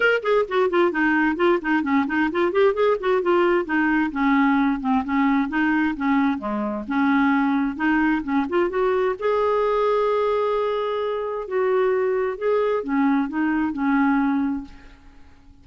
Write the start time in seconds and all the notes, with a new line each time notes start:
0.00 A#4
0.22 G#4
0.48 F#4
0.70 F4
0.91 D#4
1.36 F4
1.61 D#4
1.82 C#4
2.07 D#4
2.31 F4
2.51 G4
2.74 G#4
2.99 F#4
3.22 F4
3.65 D#4
4.11 C#4
4.80 C4
5.04 C#4
5.49 D#4
5.96 C#4
6.38 G#3
6.87 C#4
7.76 D#4
8.23 C#4
8.49 F4
8.69 F#4
9.19 G#4
11.47 F#4
12.38 G#4
12.83 C#4
13.28 D#4
13.72 C#4